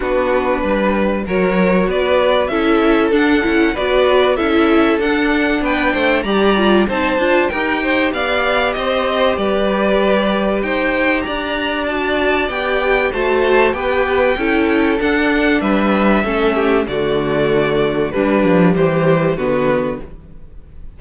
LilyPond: <<
  \new Staff \with { instrumentName = "violin" } { \time 4/4 \tempo 4 = 96 b'2 cis''4 d''4 | e''4 fis''4 d''4 e''4 | fis''4 g''4 ais''4 a''4 | g''4 f''4 dis''4 d''4~ |
d''4 g''4 ais''4 a''4 | g''4 a''4 g''2 | fis''4 e''2 d''4~ | d''4 b'4 c''4 b'4 | }
  \new Staff \with { instrumentName = "violin" } { \time 4/4 fis'4 b'4 ais'4 b'4 | a'2 b'4 a'4~ | a'4 b'8 c''8 d''4 c''4 | ais'8 c''8 d''4 c''4 b'4~ |
b'4 c''4 d''2~ | d''4 c''4 b'4 a'4~ | a'4 b'4 a'8 g'8 fis'4~ | fis'4 d'4 g'4 fis'4 | }
  \new Staff \with { instrumentName = "viola" } { \time 4/4 d'2 fis'2 | e'4 d'8 e'8 fis'4 e'4 | d'2 g'8 f'8 dis'8 f'8 | g'1~ |
g'2. fis'4 | g'4 fis'4 g'4 e'4 | d'2 cis'4 a4~ | a4 g2 b4 | }
  \new Staff \with { instrumentName = "cello" } { \time 4/4 b4 g4 fis4 b4 | cis'4 d'8 cis'8 b4 cis'4 | d'4 b8 a8 g4 c'8 d'8 | dis'4 b4 c'4 g4~ |
g4 dis'4 d'2 | b4 a4 b4 cis'4 | d'4 g4 a4 d4~ | d4 g8 f8 e4 d4 | }
>>